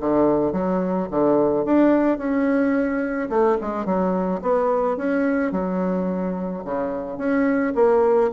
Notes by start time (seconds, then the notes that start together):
0.00 D3
0.52 F#3
1.10 D3
1.65 D4
2.18 C#4
3.29 A3
3.61 G#3
3.85 F#3
4.42 B3
4.97 C#4
5.52 F#3
6.64 C#3
7.18 C#4
7.75 A#3